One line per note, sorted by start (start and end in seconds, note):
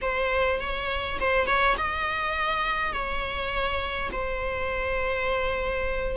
0.01 0.60 C5
0.60 1.19 C#5
1.20 1.47 C5
1.47 1.76 C#5
1.77 2.93 D#5
2.93 4.10 C#5
4.12 6.16 C5